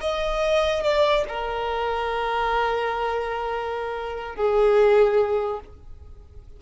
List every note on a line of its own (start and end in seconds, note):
0.00 0.83 D#5
0.83 1.24 D5
1.28 4.35 A#4
4.35 5.60 G#4